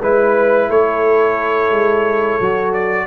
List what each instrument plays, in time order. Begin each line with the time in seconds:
0.00 tuba G#3, trombone E4, horn B4, trumpet B4
0.69 tuba A3, horn A4, trumpet C#5
1.70 tuba G#3
2.40 tuba F#3, trombone F#4
2.73 trumpet D5